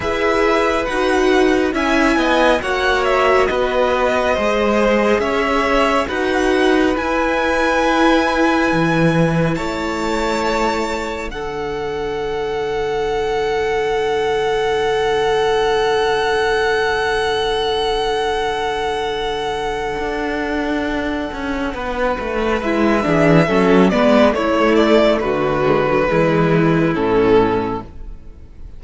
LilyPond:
<<
  \new Staff \with { instrumentName = "violin" } { \time 4/4 \tempo 4 = 69 e''4 fis''4 gis''4 fis''8 e''8 | dis''2 e''4 fis''4 | gis''2. a''4~ | a''4 fis''2.~ |
fis''1~ | fis''1~ | fis''2 e''4. d''8 | cis''8 d''8 b'2 a'4 | }
  \new Staff \with { instrumentName = "violin" } { \time 4/4 b'2 e''8 dis''8 cis''4 | b'4 c''4 cis''4 b'4~ | b'2. cis''4~ | cis''4 a'2.~ |
a'1~ | a'1~ | a'4 b'4. gis'8 a'8 b'8 | e'4 fis'4 e'2 | }
  \new Staff \with { instrumentName = "viola" } { \time 4/4 gis'4 fis'4 e'4 fis'4~ | fis'4 gis'2 fis'4 | e'1~ | e'4 d'2.~ |
d'1~ | d'1~ | d'2 e'8 d'8 cis'8 b8 | a4. gis16 fis16 gis4 cis'4 | }
  \new Staff \with { instrumentName = "cello" } { \time 4/4 e'4 dis'4 cis'8 b8 ais4 | b4 gis4 cis'4 dis'4 | e'2 e4 a4~ | a4 d2.~ |
d1~ | d2. d'4~ | d'8 cis'8 b8 a8 gis8 e8 fis8 gis8 | a4 d4 e4 a,4 | }
>>